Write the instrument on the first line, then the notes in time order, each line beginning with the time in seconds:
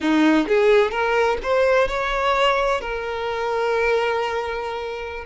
violin
0.00 D#4
0.48 G#4
0.91 A#4
1.42 C5
1.88 C#5
2.80 A#4